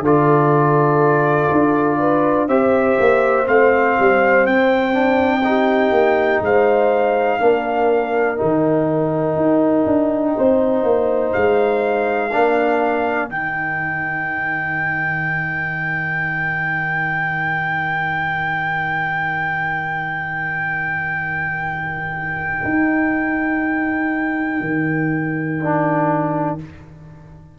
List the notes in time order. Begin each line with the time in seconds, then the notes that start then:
0.00 D3 F4 A4 D5
1.52 D4
1.99 B4
2.48 C4 G4 C5 E5
2.99 A#3
3.46 A3 C4 F5
3.99 G3
4.46 C4 G5
4.93 D4
5.44 D#4 G4
5.92 A#3
6.41 G#3 C5 F5
7.39 A#3 D4 A#4
8.37 D#3 D#4 G5
9.36 D#4
9.86 D4
10.36 C4 C5
10.83 A#3
11.33 G#3 F5
12.32 A#3 D4 A#4
13.29 D#3 D#4 G5
22.64 D#4
24.61 D#3
25.60 D4